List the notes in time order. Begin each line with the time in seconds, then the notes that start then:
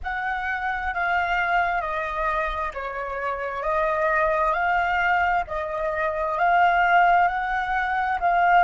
0.02 F#5
0.93 F5
1.81 D#5
2.74 C#5
3.62 D#5
4.53 F5
5.47 D#5
6.38 F5
7.27 F#5
8.19 F5